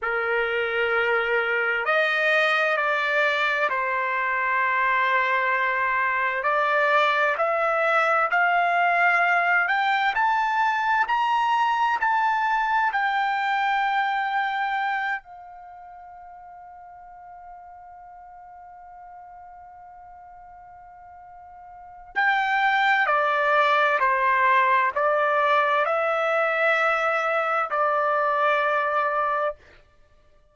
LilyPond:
\new Staff \with { instrumentName = "trumpet" } { \time 4/4 \tempo 4 = 65 ais'2 dis''4 d''4 | c''2. d''4 | e''4 f''4. g''8 a''4 | ais''4 a''4 g''2~ |
g''8 f''2.~ f''8~ | f''1 | g''4 d''4 c''4 d''4 | e''2 d''2 | }